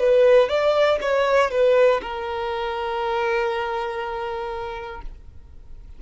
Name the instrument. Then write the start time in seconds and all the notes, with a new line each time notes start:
violin
0.00 B4
0.50 D5
1.01 C#5
1.51 B4
2.02 A#4